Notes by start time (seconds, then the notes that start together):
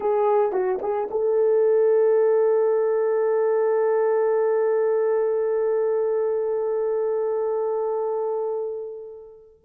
0.00 G#4
0.52 F#4
0.82 G#4
1.10 A4